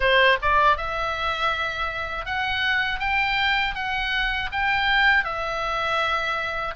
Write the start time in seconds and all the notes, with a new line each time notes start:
0.00 C5
0.41 D5
0.77 E5
2.25 F#5
2.99 G5
3.74 F#5
4.52 G5
5.24 E5